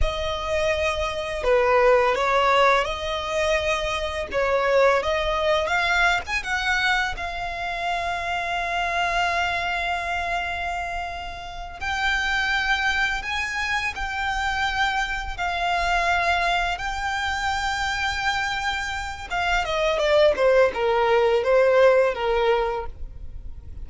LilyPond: \new Staff \with { instrumentName = "violin" } { \time 4/4 \tempo 4 = 84 dis''2 b'4 cis''4 | dis''2 cis''4 dis''4 | f''8. gis''16 fis''4 f''2~ | f''1~ |
f''8 g''2 gis''4 g''8~ | g''4. f''2 g''8~ | g''2. f''8 dis''8 | d''8 c''8 ais'4 c''4 ais'4 | }